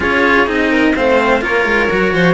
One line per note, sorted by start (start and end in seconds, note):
0.00 0.46 C#4
0.00 0.47 F4
0.00 0.69 G#4
0.00 0.48 C#5
0.46 0.94 C4
0.46 0.94 D#4
0.46 0.96 D#5
0.69 0.93 A#4
0.95 1.41 A3
0.95 1.41 C4
0.95 1.43 C5
0.95 1.43 F5
1.41 1.65 A#3
1.41 1.88 F4
1.41 2.12 A#4
1.41 2.33 C#5
1.65 1.88 G#3
1.89 2.13 F#3
1.89 2.33 F#4
2.12 2.33 F3
2.12 2.33 C5